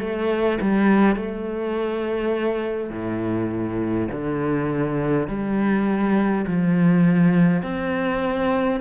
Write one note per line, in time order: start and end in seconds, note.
0.00 0.59 A3
0.61 1.16 G3
1.16 2.90 A3
2.90 4.08 A2
4.11 5.28 D3
5.28 6.45 G3
6.47 7.63 F3
7.63 8.80 C4